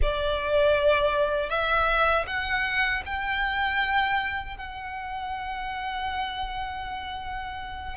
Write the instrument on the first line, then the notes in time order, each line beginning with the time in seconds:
violin
0.01 D5
1.49 E5
2.26 F#5
3.05 G5
4.57 F#5